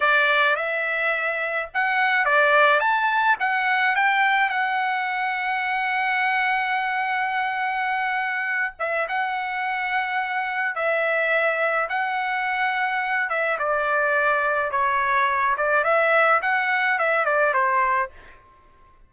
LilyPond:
\new Staff \with { instrumentName = "trumpet" } { \time 4/4 \tempo 4 = 106 d''4 e''2 fis''4 | d''4 a''4 fis''4 g''4 | fis''1~ | fis''2.~ fis''8 e''8 |
fis''2. e''4~ | e''4 fis''2~ fis''8 e''8 | d''2 cis''4. d''8 | e''4 fis''4 e''8 d''8 c''4 | }